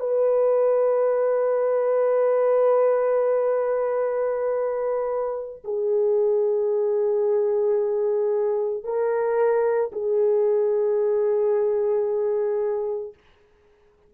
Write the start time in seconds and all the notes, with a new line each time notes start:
0.00 B4
5.64 G#4
8.84 A#4
9.93 G#4